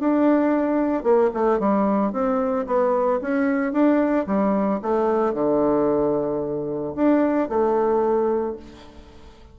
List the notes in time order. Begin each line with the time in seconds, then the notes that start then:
0.00 D4
1.03 A#3
1.34 A3
1.59 G3
2.13 C4
2.67 B3
3.21 C#4
3.73 D4
4.27 G3
4.82 A3
5.34 D3
6.95 D4
7.49 A3